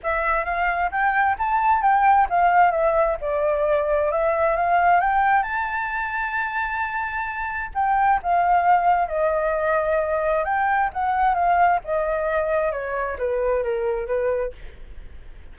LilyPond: \new Staff \with { instrumentName = "flute" } { \time 4/4 \tempo 4 = 132 e''4 f''4 g''4 a''4 | g''4 f''4 e''4 d''4~ | d''4 e''4 f''4 g''4 | a''1~ |
a''4 g''4 f''2 | dis''2. g''4 | fis''4 f''4 dis''2 | cis''4 b'4 ais'4 b'4 | }